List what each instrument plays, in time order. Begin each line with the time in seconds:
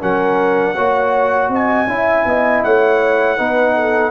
0.00 tuba F#3, trombone C#4, horn A#4, trumpet F#5
0.75 tuba A#3, trombone F#4, horn C#5
1.49 tuba C4, horn D#5, trumpet G#5
1.87 tuba C#4, trombone E4, horn E5
2.25 tuba B3, horn D#5
2.64 tuba A3, horn C#5, trumpet F#5
3.38 tuba B3, trombone D#4, horn B4
3.76 horn A4